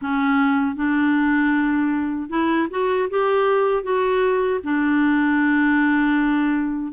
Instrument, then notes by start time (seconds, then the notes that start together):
clarinet
0.01 C#4
0.75 D4
2.29 E4
2.70 F#4
3.10 G4
3.83 F#4
4.63 D4